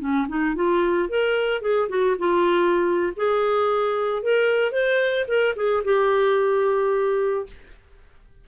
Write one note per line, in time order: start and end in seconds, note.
0.00 0.27 C#4
0.28 0.55 D#4
0.56 1.09 F4
1.09 1.61 A#4
1.61 1.88 G#4
1.89 2.16 F#4
2.18 3.13 F4
3.16 4.23 G#4
4.23 4.72 A#4
4.72 5.26 C5
5.28 5.55 A#4
5.56 5.83 G#4
5.84 7.46 G4